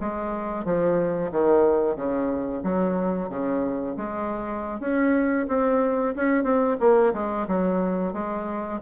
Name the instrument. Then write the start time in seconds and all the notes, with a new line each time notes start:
bassoon
0.00 G#3
0.64 F3
1.31 D#3
1.95 C#3
2.63 F#3
3.29 C#3
3.96 G#3
4.80 C#4
5.48 C4
6.15 C#4
6.43 C4
6.79 A#3
7.13 G#3
7.47 F#3
8.13 G#3